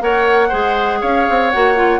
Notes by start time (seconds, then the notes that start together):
0.00 A#3 A#4 C#5 F#5
0.49 G#3 G#4 C5
1.01 C#4 C#5 F5
1.29 C4
1.50 A#3 F#4 F#5
1.75 F4